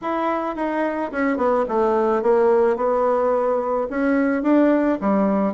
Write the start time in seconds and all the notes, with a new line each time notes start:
0.01 E4
0.55 D#4
1.11 C#4
1.37 B3
1.68 A3
2.22 A#3
2.76 B3
3.89 C#4
4.43 D4
5.01 G3